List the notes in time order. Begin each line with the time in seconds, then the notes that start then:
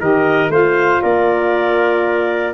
0.00 D#3 G4 A#4 D#5
0.50 A3 F4 C5 F5
1.02 A#3 A#4 D5